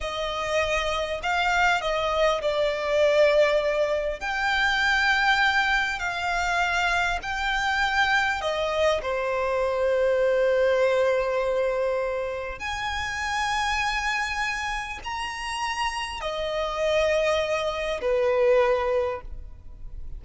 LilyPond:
\new Staff \with { instrumentName = "violin" } { \time 4/4 \tempo 4 = 100 dis''2 f''4 dis''4 | d''2. g''4~ | g''2 f''2 | g''2 dis''4 c''4~ |
c''1~ | c''4 gis''2.~ | gis''4 ais''2 dis''4~ | dis''2 b'2 | }